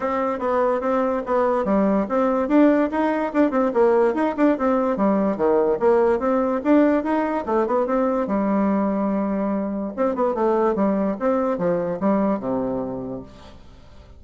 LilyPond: \new Staff \with { instrumentName = "bassoon" } { \time 4/4 \tempo 4 = 145 c'4 b4 c'4 b4 | g4 c'4 d'4 dis'4 | d'8 c'8 ais4 dis'8 d'8 c'4 | g4 dis4 ais4 c'4 |
d'4 dis'4 a8 b8 c'4 | g1 | c'8 b8 a4 g4 c'4 | f4 g4 c2 | }